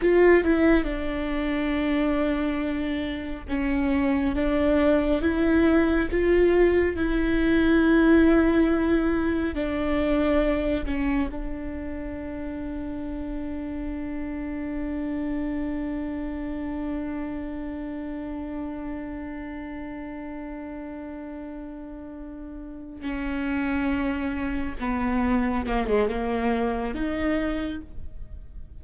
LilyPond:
\new Staff \with { instrumentName = "viola" } { \time 4/4 \tempo 4 = 69 f'8 e'8 d'2. | cis'4 d'4 e'4 f'4 | e'2. d'4~ | d'8 cis'8 d'2.~ |
d'1~ | d'1~ | d'2~ d'8 cis'4.~ | cis'8 b4 ais16 gis16 ais4 dis'4 | }